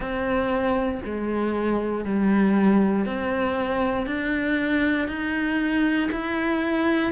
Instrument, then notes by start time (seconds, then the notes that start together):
cello
0.00 C4
1.04 G#3
2.04 G3
3.05 C4
4.06 D4
5.08 D#4
6.11 E4